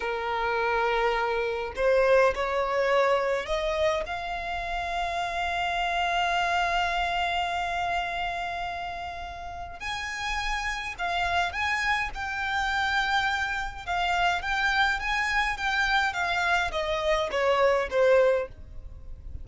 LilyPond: \new Staff \with { instrumentName = "violin" } { \time 4/4 \tempo 4 = 104 ais'2. c''4 | cis''2 dis''4 f''4~ | f''1~ | f''1~ |
f''4 gis''2 f''4 | gis''4 g''2. | f''4 g''4 gis''4 g''4 | f''4 dis''4 cis''4 c''4 | }